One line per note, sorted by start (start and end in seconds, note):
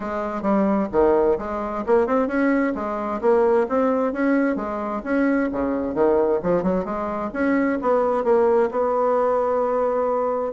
0.00 0.42 G#3
0.42 0.88 G3
0.92 1.37 D#3
1.38 1.84 G#3
1.86 2.06 A#3
2.06 2.27 C4
2.27 2.73 C#4
2.75 3.20 G#3
3.21 3.66 A#3
3.68 4.12 C4
4.12 4.56 C#4
4.56 5.02 G#3
5.03 5.49 C#4
5.52 5.94 C#3
5.94 6.40 D#3
6.42 6.62 F3
6.62 6.84 F#3
6.84 7.30 G#3
7.33 7.78 C#4
7.81 8.24 B3
8.24 8.69 A#3
8.71 10.52 B3